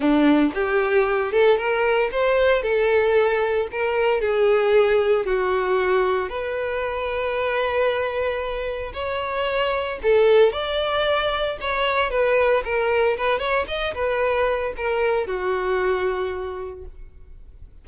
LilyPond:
\new Staff \with { instrumentName = "violin" } { \time 4/4 \tempo 4 = 114 d'4 g'4. a'8 ais'4 | c''4 a'2 ais'4 | gis'2 fis'2 | b'1~ |
b'4 cis''2 a'4 | d''2 cis''4 b'4 | ais'4 b'8 cis''8 dis''8 b'4. | ais'4 fis'2. | }